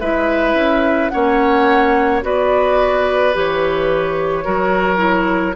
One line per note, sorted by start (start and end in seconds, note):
0.00 0.54 G#3
0.00 1.12 E4
0.00 1.11 B4
0.00 1.09 E5
0.54 1.09 C#4
1.09 2.23 A#3
1.09 2.22 C#4
1.09 2.24 C#5
1.09 2.20 F#5
2.22 3.34 B3
2.22 3.33 F#4
2.22 4.44 B4
2.22 3.36 D5
3.33 4.46 E3
3.33 4.44 G4
3.33 5.55 C#5
4.44 5.55 F#3
4.44 4.97 F#4
4.44 5.55 A#4
4.97 5.52 E4